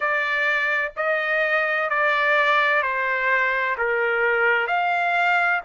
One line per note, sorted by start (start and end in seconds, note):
0.00 0.92 D5
0.96 1.89 D#5
1.89 2.82 D5
2.82 3.76 C5
3.78 4.67 A#4
4.67 5.60 F5